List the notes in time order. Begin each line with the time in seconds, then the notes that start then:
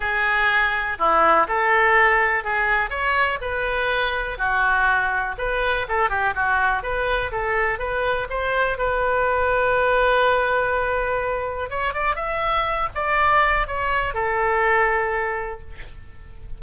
0.00 G#4
0.98 E4
1.47 A4
2.44 G#4
2.90 C#5
3.41 B4
4.38 F#4
5.38 B4
5.88 A4
6.09 G4
6.34 F#4
6.82 B4
7.31 A4
7.78 B4
8.29 C5
8.78 B4
11.70 C#5
11.93 D5
12.15 E5
12.94 D5
13.67 C#5
14.14 A4